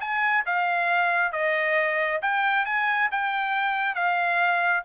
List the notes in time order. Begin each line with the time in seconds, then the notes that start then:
0.00 G#5
0.46 F5
1.32 D#5
2.22 G5
2.65 G#5
3.11 G5
3.95 F5